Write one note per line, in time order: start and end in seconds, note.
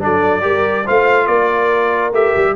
0.00 0.44 F#3
0.00 0.41 D4
0.00 0.43 A4
0.00 0.88 D5
0.41 0.87 G3
0.41 0.84 G4
0.41 0.85 A#4
0.85 1.28 A3
0.85 2.13 F4
0.85 1.27 C5
0.85 1.27 F5
1.27 2.12 A#3
1.27 2.54 A#4
1.27 2.11 D5
2.12 2.33 A3
2.12 2.56 G4
2.12 2.56 E5
2.36 2.56 G3